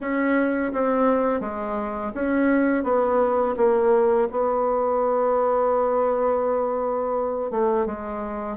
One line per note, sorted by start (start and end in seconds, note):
0.01 0.72 C#4
0.72 1.40 C4
1.40 2.11 G#3
2.14 2.83 C#4
2.83 3.55 B3
3.56 4.28 A#3
4.31 7.50 B3
7.50 7.86 A3
7.86 8.57 G#3